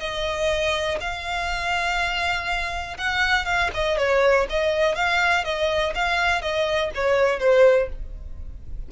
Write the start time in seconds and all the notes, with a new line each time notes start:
0.00 D#5
1.01 F5
2.98 F#5
3.46 F5
3.74 D#5
3.98 C#5
4.50 D#5
4.96 F5
5.45 D#5
5.95 F5
6.42 D#5
6.95 C#5
7.40 C5